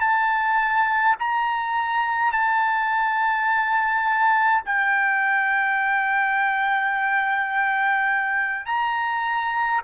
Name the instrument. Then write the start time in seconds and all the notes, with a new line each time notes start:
trumpet
0.00 A5
1.20 A#5
2.32 A5
4.65 G5
8.66 A#5